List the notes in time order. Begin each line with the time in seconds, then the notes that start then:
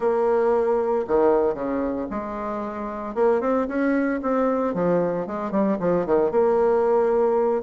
0.00 A#3
1.07 D#3
1.54 C#3
2.10 G#3
3.14 A#3
3.40 C4
3.67 C#4
4.22 C4
4.74 F3
5.26 G#3
5.51 G3
5.79 F3
6.06 D#3
6.31 A#3